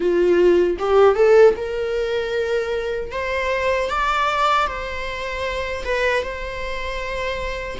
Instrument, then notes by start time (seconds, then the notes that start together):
viola
0.00 F4
0.78 G4
1.15 A4
1.56 A#4
3.11 C5
3.89 D5
4.67 C5
5.84 B4
6.23 C5